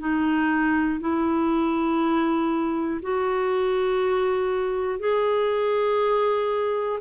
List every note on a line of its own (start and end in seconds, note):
0.00 1.00 D#4
1.00 3.00 E4
3.02 4.99 F#4
4.99 6.99 G#4